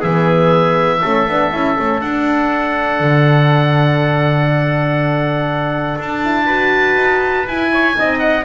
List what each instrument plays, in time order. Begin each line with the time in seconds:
0.00 double bass E3, horn B3, trumpet G#4, oboe E5
1.01 double bass A3, horn C#4, trumpet A4
1.27 double bass B3, horn D4
1.51 double bass C#4, horn E4
1.77 double bass A3, horn C#4
2.00 horn D4, double bass D4, oboe F#5
3.00 double bass D3
5.97 double bass D4, oboe A5
6.24 horn E4
6.45 horn F#4, trumpet B4
6.96 double bass D#4
7.46 double bass E4, horn E4, oboe G#5
7.72 trumpet C#5
7.95 double bass C4, horn D#4, trumpet D#5
8.19 oboe F#5